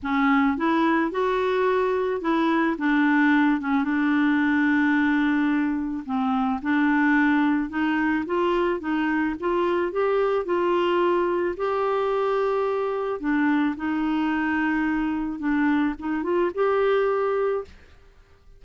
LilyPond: \new Staff \with { instrumentName = "clarinet" } { \time 4/4 \tempo 4 = 109 cis'4 e'4 fis'2 | e'4 d'4. cis'8 d'4~ | d'2. c'4 | d'2 dis'4 f'4 |
dis'4 f'4 g'4 f'4~ | f'4 g'2. | d'4 dis'2. | d'4 dis'8 f'8 g'2 | }